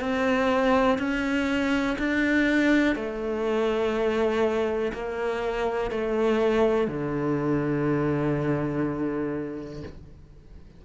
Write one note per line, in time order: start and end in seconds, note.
0.00 0.98 C4
0.99 1.97 C#4
1.99 2.96 D4
2.96 4.92 A3
4.93 5.91 A#3
5.91 6.88 A3
6.88 9.83 D3